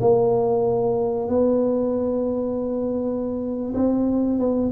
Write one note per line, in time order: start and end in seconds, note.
0.00 1.28 A#3
1.28 3.73 B3
3.74 4.39 C4
4.39 4.71 B3